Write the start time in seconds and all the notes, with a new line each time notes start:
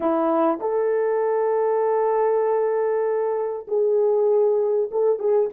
0.00 E4
0.60 A4
3.67 G#4
4.91 A4
5.19 G#4